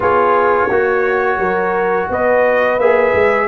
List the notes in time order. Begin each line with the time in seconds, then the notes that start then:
0.00 B3 F4 G#4 C#5
0.68 A#3 F#4
1.38 F#3 A#4
2.09 B3 B4 D#5
2.77 A#3 G#4 E5
3.13 G#3